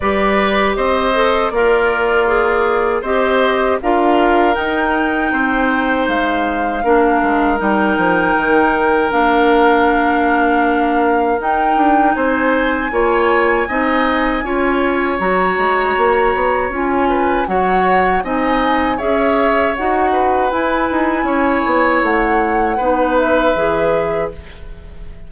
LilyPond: <<
  \new Staff \with { instrumentName = "flute" } { \time 4/4 \tempo 4 = 79 d''4 dis''4 d''2 | dis''4 f''4 g''2 | f''2 g''2 | f''2. g''4 |
gis''1 | ais''2 gis''4 fis''4 | gis''4 e''4 fis''4 gis''4~ | gis''4 fis''4. e''4. | }
  \new Staff \with { instrumentName = "oboe" } { \time 4/4 b'4 c''4 f'2 | c''4 ais'2 c''4~ | c''4 ais'2.~ | ais'1 |
c''4 cis''4 dis''4 cis''4~ | cis''2~ cis''8 b'8 cis''4 | dis''4 cis''4. b'4. | cis''2 b'2 | }
  \new Staff \with { instrumentName = "clarinet" } { \time 4/4 g'4. a'8 ais'4 gis'4 | g'4 f'4 dis'2~ | dis'4 d'4 dis'2 | d'2. dis'4~ |
dis'4 f'4 dis'4 f'4 | fis'2 f'4 fis'4 | dis'4 gis'4 fis'4 e'4~ | e'2 dis'4 gis'4 | }
  \new Staff \with { instrumentName = "bassoon" } { \time 4/4 g4 c'4 ais2 | c'4 d'4 dis'4 c'4 | gis4 ais8 gis8 g8 f8 dis4 | ais2. dis'8 d'8 |
c'4 ais4 c'4 cis'4 | fis8 gis8 ais8 b8 cis'4 fis4 | c'4 cis'4 dis'4 e'8 dis'8 | cis'8 b8 a4 b4 e4 | }
>>